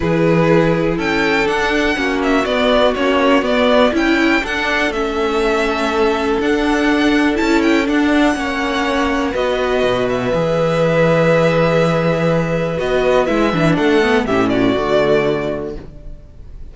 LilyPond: <<
  \new Staff \with { instrumentName = "violin" } { \time 4/4 \tempo 4 = 122 b'2 g''4 fis''4~ | fis''8 e''8 d''4 cis''4 d''4 | g''4 fis''4 e''2~ | e''4 fis''2 a''8 g''8 |
fis''2. dis''4~ | dis''8 e''2.~ e''8~ | e''2 dis''4 e''4 | fis''4 e''8 d''2~ d''8 | }
  \new Staff \with { instrumentName = "violin" } { \time 4/4 gis'2 a'2 | fis'1 | e'4 a'2.~ | a'1~ |
a'4 cis''2 b'4~ | b'1~ | b'1 | a'4 g'8 fis'2~ fis'8 | }
  \new Staff \with { instrumentName = "viola" } { \time 4/4 e'2. d'4 | cis'4 b4 cis'4 b4 | e'4 d'4 cis'2~ | cis'4 d'2 e'4 |
d'4 cis'2 fis'4~ | fis'4 gis'2.~ | gis'2 fis'4 e'8 d'8~ | d'8 b8 cis'4 a2 | }
  \new Staff \with { instrumentName = "cello" } { \time 4/4 e2 cis'4 d'4 | ais4 b4 ais4 b4 | cis'4 d'4 a2~ | a4 d'2 cis'4 |
d'4 ais2 b4 | b,4 e2.~ | e2 b4 gis8 e8 | a4 a,4 d2 | }
>>